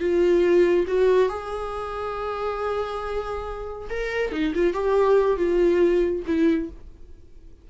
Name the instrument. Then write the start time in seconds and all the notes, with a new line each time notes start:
viola
0.00 F4
0.88 F#4
1.29 G#4
3.90 A#4
4.32 D#4
4.55 F4
4.74 G4
5.37 F4
6.27 E4